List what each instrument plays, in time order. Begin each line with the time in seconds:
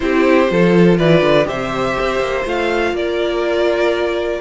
0.00 cello C4, viola E4, violin G4 C5
0.48 cello F3, viola F4, violin A4
0.97 cello E3, violin B4 D5
1.21 cello D3
1.44 cello C3, viola G4, violin C5 E5
2.00 cello C4
2.20 cello A#3
2.45 cello A3, viola F4, violin F5
2.92 cello A#3, violin A#4 D5